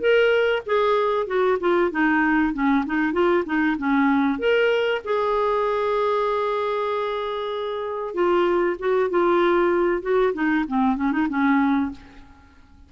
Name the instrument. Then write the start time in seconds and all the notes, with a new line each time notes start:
clarinet
0.00 A#4
0.66 G#4
1.27 F#4
1.60 F4
1.91 D#4
2.54 C#4
2.86 D#4
3.13 F4
3.46 D#4
3.78 C#4
4.39 A#4
5.04 G#4
8.14 F4
8.79 F#4
9.10 F4
10.02 F#4
10.34 D#4
10.68 C4
10.97 C#4
11.12 D#4
11.29 C#4